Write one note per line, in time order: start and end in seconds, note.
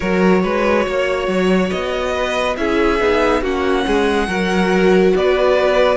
0.00 0.44 F#3
0.00 2.54 F#4
0.00 0.41 A#4
0.00 1.70 C#5
0.43 0.86 G#3
0.43 0.85 B4
0.85 1.27 A#3
0.85 2.13 C#5
1.27 1.70 F#3
1.70 2.56 B3
1.70 2.56 D#5
2.14 2.56 B4
2.56 2.99 C#4
2.56 2.99 E4
2.56 3.42 G#4
2.56 3.43 E5
2.99 3.41 B3
2.99 3.44 D#4
3.41 3.84 A#3
3.41 4.27 C#4
3.41 3.84 F#4
3.41 5.16 F#5
3.86 4.27 G#3
3.86 4.28 G#4
4.27 5.13 F#3
4.27 5.97 F#4
4.27 5.14 A#4
5.15 5.97 B3
5.15 5.97 B4
5.15 5.97 D5